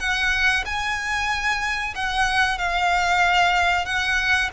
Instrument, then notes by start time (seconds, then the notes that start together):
violin
0.00 F#5
0.66 G#5
1.95 F#5
2.59 F5
3.86 F#5